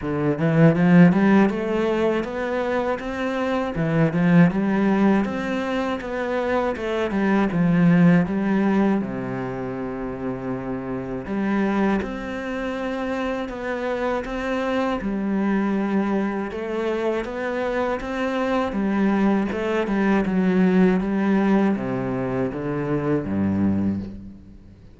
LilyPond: \new Staff \with { instrumentName = "cello" } { \time 4/4 \tempo 4 = 80 d8 e8 f8 g8 a4 b4 | c'4 e8 f8 g4 c'4 | b4 a8 g8 f4 g4 | c2. g4 |
c'2 b4 c'4 | g2 a4 b4 | c'4 g4 a8 g8 fis4 | g4 c4 d4 g,4 | }